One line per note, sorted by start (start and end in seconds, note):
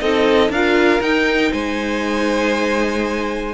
0.00 0.49 C4
0.00 0.51 D#4
0.00 0.51 A4
0.00 0.51 D#5
0.49 1.00 D4
0.49 1.01 F4
0.49 1.51 A#4
0.49 1.02 F5
1.01 1.52 D#4
1.01 3.54 D#4
1.01 1.52 G5
1.51 3.54 G#3
1.51 3.54 C5
1.51 3.54 G#5